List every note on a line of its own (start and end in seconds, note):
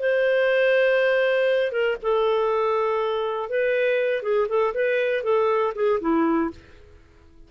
0.00 1.72 C5
1.72 1.97 A#4
2.03 3.50 A4
3.50 4.23 B4
4.23 4.48 G#4
4.49 4.74 A4
4.75 5.24 B4
5.24 5.74 A4
5.75 6.00 G#4
6.01 6.51 E4